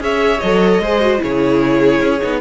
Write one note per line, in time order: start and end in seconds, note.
0.00 0.40 C#4
0.00 0.40 G#4
0.00 0.83 C#5
0.00 0.40 E5
0.40 0.79 F#3
0.40 0.83 A4
0.40 1.21 D#5
0.79 1.19 G#3
0.79 1.01 G#4
0.79 1.23 C5
1.01 1.18 F#4
1.18 2.01 C#3
1.18 2.19 E4
1.18 2.41 G#4
1.18 2.41 C#5
2.01 2.21 C#4
2.22 2.41 B3
2.22 2.41 D#4